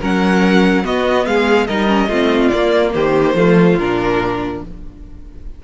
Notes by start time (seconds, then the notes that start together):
0.00 F#3 C#4 A#4 F#5
0.83 B3 F#4 D#5
1.26 G#3 G#4 F5
1.66 G3 D#4 A#4 D#5
1.87 C#4
2.08 A3 C4 F4
2.48 A#3 D5
2.94 D#3 G4 C5
3.34 F3 A3 F4
3.77 A#2 D4 A#4